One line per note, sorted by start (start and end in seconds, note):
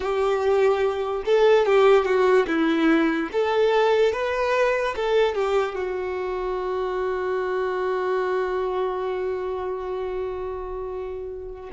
0.00 1.23 G4
1.26 1.65 A4
1.65 2.05 G4
2.05 2.46 F#4
2.47 3.29 E4
3.32 4.12 A4
4.12 4.94 B4
4.96 5.35 A4
5.35 5.75 G4
5.75 11.70 F#4